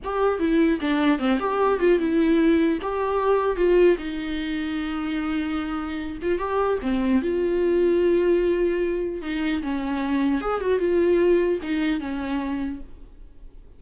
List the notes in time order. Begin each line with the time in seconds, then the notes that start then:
0.03 G4
0.39 E4
0.80 D4
1.18 C4
1.39 G4
1.79 F4
1.98 E4
2.81 G4
3.56 F4
3.98 D#4
6.22 F4
6.38 G4
6.81 C4
7.22 F4
9.21 D#4
9.62 C#4
10.41 G#4
10.61 F#4
10.79 F4
11.62 D#4
12.00 C#4